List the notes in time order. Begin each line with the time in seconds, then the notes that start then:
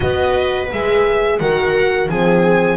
0.00 B3 F#4 B4 D#5
0.72 G#3 G#4 E5
1.39 D#3 F#4 A#4 F#5
2.08 F3 C4 G#4 G#5